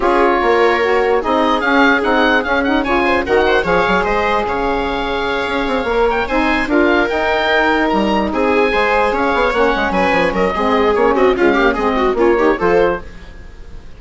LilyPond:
<<
  \new Staff \with { instrumentName = "oboe" } { \time 4/4 \tempo 4 = 148 cis''2. dis''4 | f''4 fis''4 f''8 fis''8 gis''4 | fis''4 f''4 dis''4 f''4~ | f''2. g''8 gis''8~ |
gis''8 f''4 g''2 ais''8~ | ais''8 gis''2 f''4 fis''8~ | fis''8 gis''4 dis''4. cis''8 dis''8 | f''4 dis''4 cis''4 c''4 | }
  \new Staff \with { instrumentName = "viola" } { \time 4/4 gis'4 ais'2 gis'4~ | gis'2. cis''8 c''8 | ais'8 c''8 cis''4 c''4 cis''4~ | cis''2.~ cis''8 c''8~ |
c''8 ais'2.~ ais'8~ | ais'8 gis'4 c''4 cis''4.~ | cis''8 b'4 ais'8 gis'4. fis'8 | f'8 g'8 gis'8 fis'8 f'8 g'8 a'4 | }
  \new Staff \with { instrumentName = "saxophone" } { \time 4/4 f'2 fis'4 dis'4 | cis'4 dis'4 cis'8 dis'8 f'4 | fis'4 gis'2.~ | gis'2~ gis'8 ais'4 dis'8~ |
dis'8 f'4 dis'2~ dis'8~ | dis'4. gis'2 cis'8~ | cis'2 c'4 cis'4 | gis8 ais8 c'4 cis'8 dis'8 f'4 | }
  \new Staff \with { instrumentName = "bassoon" } { \time 4/4 cis'4 ais2 c'4 | cis'4 c'4 cis'4 cis4 | dis4 f8 fis8 gis4 cis4~ | cis4. cis'8 c'8 ais4 c'8~ |
c'8 d'4 dis'2 g8~ | g8 c'4 gis4 cis'8 b8 ais8 | gis8 fis8 f8 fis8 gis4 ais8 c'8 | cis'4 gis4 ais4 f4 | }
>>